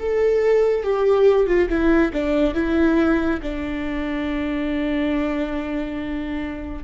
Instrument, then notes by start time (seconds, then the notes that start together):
viola
0.00 A4
0.83 G4
1.47 F4
1.69 E4
2.14 D4
2.55 E4
3.42 D4